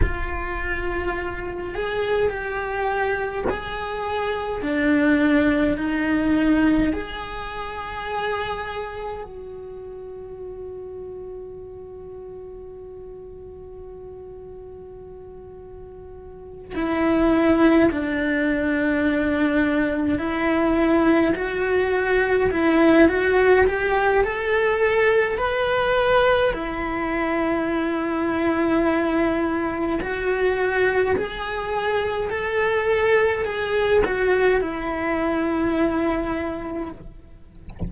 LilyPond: \new Staff \with { instrumentName = "cello" } { \time 4/4 \tempo 4 = 52 f'4. gis'8 g'4 gis'4 | d'4 dis'4 gis'2 | fis'1~ | fis'2~ fis'8 e'4 d'8~ |
d'4. e'4 fis'4 e'8 | fis'8 g'8 a'4 b'4 e'4~ | e'2 fis'4 gis'4 | a'4 gis'8 fis'8 e'2 | }